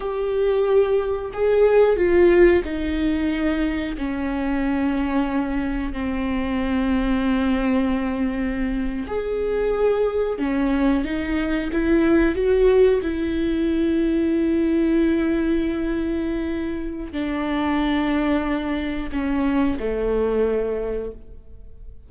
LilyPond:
\new Staff \with { instrumentName = "viola" } { \time 4/4 \tempo 4 = 91 g'2 gis'4 f'4 | dis'2 cis'2~ | cis'4 c'2.~ | c'4.~ c'16 gis'2 cis'16~ |
cis'8. dis'4 e'4 fis'4 e'16~ | e'1~ | e'2 d'2~ | d'4 cis'4 a2 | }